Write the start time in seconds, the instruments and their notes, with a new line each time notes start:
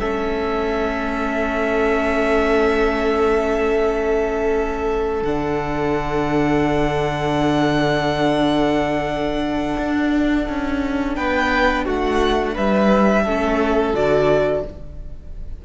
0.00 cello A3, viola C#4, violin A4 E5
5.22 cello D3, viola D4, violin F#5
9.77 cello D4
10.49 cello C#4
11.15 cello B3, violin B4 G5
11.85 cello A3, violin F#4 F#5
12.54 cello G3, violin B4 E5
13.23 cello A3, viola C#4, violin A4
13.93 cello D3, viola F#4, violin D5